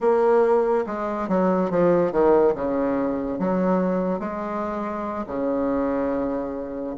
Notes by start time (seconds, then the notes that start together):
0.00 A#3
0.86 G#3
1.28 F#3
1.70 F3
2.12 D#3
2.54 C#3
3.38 F#3
4.19 G#3
5.26 C#3